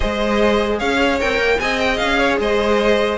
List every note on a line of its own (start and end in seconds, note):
0.00 0.80 G#3
0.00 1.20 G#4
0.00 0.78 C5
0.00 0.79 D#5
0.78 1.20 C#4
0.78 1.58 C#5
0.78 1.19 F5
1.20 1.38 C4
1.20 1.60 A#4
1.20 1.59 G5
1.38 1.58 A#3
1.59 2.00 C4
1.59 3.18 G#4
1.59 2.19 D#5
1.59 1.79 G#5
1.79 1.97 G5
1.97 2.39 C#4
1.97 2.37 F5
2.19 2.39 C#5
2.39 3.18 G#3
2.39 3.18 C5
2.39 3.18 D#5